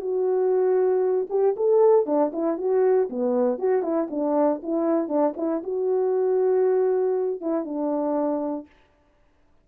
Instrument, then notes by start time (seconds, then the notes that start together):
horn
0.00 F#4
1.29 G4
1.56 A4
2.06 D4
2.33 E4
2.57 F#4
3.09 B3
3.58 F#4
3.82 E4
4.10 D4
4.62 E4
5.08 D4
5.37 E4
5.63 F#4
7.40 E4
7.64 D4